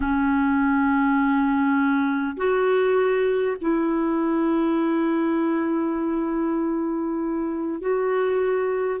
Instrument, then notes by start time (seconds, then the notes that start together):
clarinet
0.00 C#4
2.36 F#4
3.61 E4
7.80 F#4